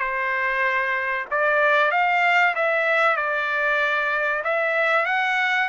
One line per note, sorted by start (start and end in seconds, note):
0.00 1.26 C5
1.31 1.92 D5
1.92 2.55 F5
2.56 3.17 E5
3.17 4.43 D5
4.44 5.06 E5
5.06 5.69 F#5